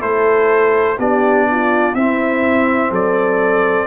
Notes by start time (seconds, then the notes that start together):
0.00 A3 E4 A4 C5
0.99 B3 D4 G4 D5
1.51 F4
1.95 C4 E4 E5
2.91 F#3 A4 D5